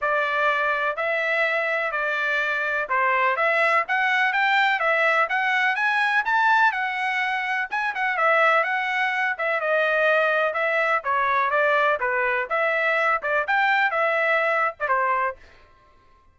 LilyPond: \new Staff \with { instrumentName = "trumpet" } { \time 4/4 \tempo 4 = 125 d''2 e''2 | d''2 c''4 e''4 | fis''4 g''4 e''4 fis''4 | gis''4 a''4 fis''2 |
gis''8 fis''8 e''4 fis''4. e''8 | dis''2 e''4 cis''4 | d''4 b'4 e''4. d''8 | g''4 e''4.~ e''16 d''16 c''4 | }